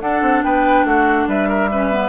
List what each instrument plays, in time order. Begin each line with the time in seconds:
0.00 bassoon D4, clarinet D4, oboe A4, flute F#5
0.22 bassoon C4
0.43 bassoon B3, oboe B4, flute G5
0.84 bassoon A3, oboe F#4, flute F#5
1.27 bassoon G3, oboe B4, flute E5
1.48 oboe A#4
1.71 clarinet C#4, oboe B4
1.92 clarinet B3